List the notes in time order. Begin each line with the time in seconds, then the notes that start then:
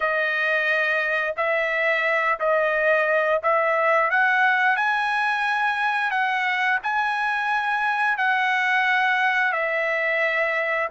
0.00 D#5
1.36 E5
2.39 D#5
3.42 E5
4.10 F#5
4.76 G#5
6.10 F#5
6.83 G#5
8.17 F#5
9.52 E5